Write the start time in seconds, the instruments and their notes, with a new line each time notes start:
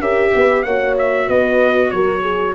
0.00 tuba C#4, viola G4, horn A#4, trumpet E5
0.35 tuba B3, horn B4
0.63 tuba A#3, viola F#4, horn C#5, trumpet F#5
0.99 trumpet E5
1.27 tuba B3, horn B4, trumpet D#5
1.91 tuba F#3, horn A#4, trumpet C#5
2.22 horn G#4